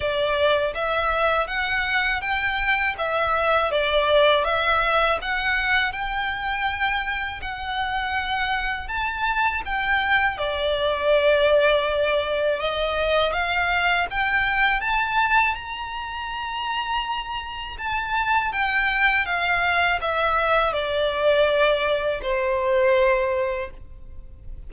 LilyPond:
\new Staff \with { instrumentName = "violin" } { \time 4/4 \tempo 4 = 81 d''4 e''4 fis''4 g''4 | e''4 d''4 e''4 fis''4 | g''2 fis''2 | a''4 g''4 d''2~ |
d''4 dis''4 f''4 g''4 | a''4 ais''2. | a''4 g''4 f''4 e''4 | d''2 c''2 | }